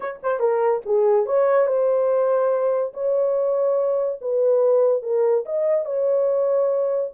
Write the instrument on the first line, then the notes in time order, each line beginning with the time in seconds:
horn
0.00 C#5
0.22 C5
0.39 A#4
0.85 G#4
1.26 C#5
1.66 C5
2.93 C#5
4.21 B4
5.02 A#4
5.45 D#5
5.85 C#5